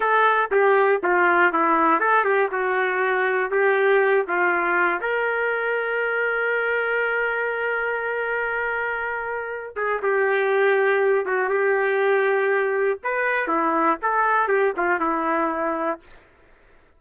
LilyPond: \new Staff \with { instrumentName = "trumpet" } { \time 4/4 \tempo 4 = 120 a'4 g'4 f'4 e'4 | a'8 g'8 fis'2 g'4~ | g'8 f'4. ais'2~ | ais'1~ |
ais'2.~ ais'8 gis'8 | g'2~ g'8 fis'8 g'4~ | g'2 b'4 e'4 | a'4 g'8 f'8 e'2 | }